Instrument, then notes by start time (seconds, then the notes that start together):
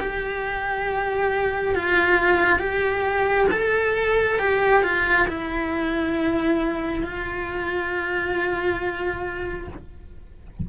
cello
0.00 G4
1.75 F4
2.59 G4
3.51 A4
4.39 G4
4.84 F4
5.28 E4
7.03 F4